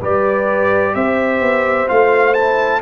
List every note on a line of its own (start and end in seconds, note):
0.00 0.96 G3
0.00 1.87 G4
0.00 0.94 B4
0.00 0.95 D5
0.95 1.41 C4
0.95 2.82 C5
0.95 1.89 E5
1.41 1.88 B3
1.87 2.82 A3
1.87 2.34 F4
1.87 2.34 F5
2.34 2.82 E4
2.34 2.81 A5